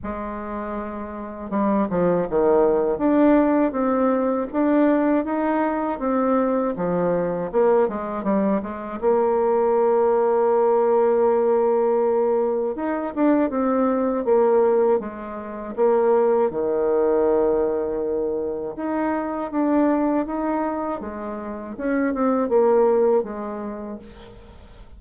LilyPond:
\new Staff \with { instrumentName = "bassoon" } { \time 4/4 \tempo 4 = 80 gis2 g8 f8 dis4 | d'4 c'4 d'4 dis'4 | c'4 f4 ais8 gis8 g8 gis8 | ais1~ |
ais4 dis'8 d'8 c'4 ais4 | gis4 ais4 dis2~ | dis4 dis'4 d'4 dis'4 | gis4 cis'8 c'8 ais4 gis4 | }